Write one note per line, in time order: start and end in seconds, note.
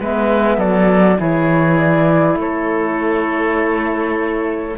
0.00 0.58 G#3
0.00 1.16 B3
0.00 0.58 B4
0.00 0.59 E5
0.58 1.18 F#3
0.58 1.18 A4
0.58 1.20 D5
1.16 2.35 E3
1.16 4.75 E4
1.16 2.39 G#4
1.16 1.78 C#5
1.78 2.38 D5
2.35 4.75 A3
2.35 4.78 A4
2.35 4.78 C#5